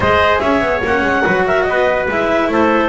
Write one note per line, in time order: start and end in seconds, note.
0.00 0.40 G#3
0.00 0.82 G#4
0.00 0.41 C5
0.00 0.39 D#5
0.39 0.61 C#4
0.39 1.24 C#5
0.39 0.80 E5
0.61 0.81 B3
0.83 1.01 A#3
0.83 1.23 C#4
0.83 1.46 F#5
1.01 1.22 G#3
1.23 1.68 F#3
1.23 2.07 F#4
1.23 1.45 B4
1.46 1.68 A#4
1.46 1.63 E5
1.63 2.08 B3
1.63 2.51 B4
1.63 2.04 D#5
2.08 2.48 G#3
2.08 2.89 E4
2.08 2.51 E5
2.48 2.89 A3
2.48 2.89 A4
2.48 2.89 C5